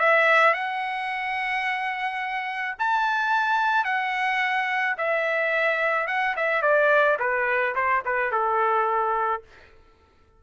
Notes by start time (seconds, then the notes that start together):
0.00 E5
0.54 F#5
2.79 A5
3.85 F#5
4.98 E5
6.08 F#5
6.37 E5
6.62 D5
7.19 B4
7.76 C5
8.06 B4
8.32 A4